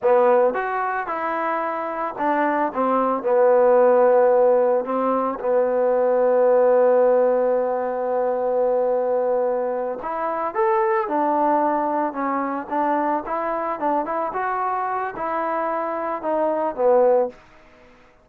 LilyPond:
\new Staff \with { instrumentName = "trombone" } { \time 4/4 \tempo 4 = 111 b4 fis'4 e'2 | d'4 c'4 b2~ | b4 c'4 b2~ | b1~ |
b2~ b8 e'4 a'8~ | a'8 d'2 cis'4 d'8~ | d'8 e'4 d'8 e'8 fis'4. | e'2 dis'4 b4 | }